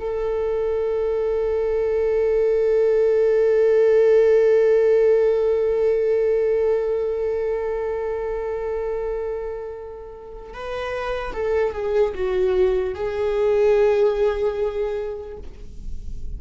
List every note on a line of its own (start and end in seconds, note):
0.00 10.54 A4
10.54 11.34 B4
11.34 11.73 A4
11.73 12.14 G#4
12.15 12.95 F#4
12.95 15.38 G#4